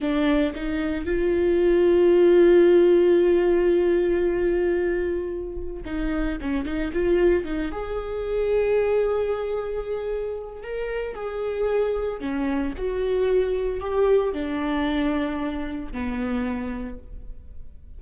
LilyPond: \new Staff \with { instrumentName = "viola" } { \time 4/4 \tempo 4 = 113 d'4 dis'4 f'2~ | f'1~ | f'2. dis'4 | cis'8 dis'8 f'4 dis'8 gis'4.~ |
gis'1 | ais'4 gis'2 cis'4 | fis'2 g'4 d'4~ | d'2 b2 | }